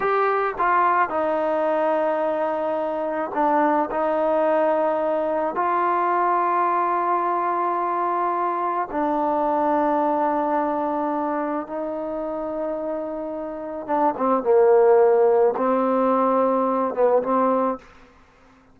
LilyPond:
\new Staff \with { instrumentName = "trombone" } { \time 4/4 \tempo 4 = 108 g'4 f'4 dis'2~ | dis'2 d'4 dis'4~ | dis'2 f'2~ | f'1 |
d'1~ | d'4 dis'2.~ | dis'4 d'8 c'8 ais2 | c'2~ c'8 b8 c'4 | }